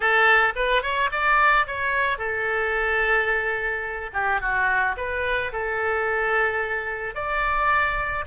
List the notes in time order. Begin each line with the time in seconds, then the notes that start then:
0.00 A4
0.55 B4
0.82 C#5
1.11 D5
1.66 C#5
2.17 A4
4.13 G4
4.40 F#4
4.96 B4
5.52 A4
7.14 D5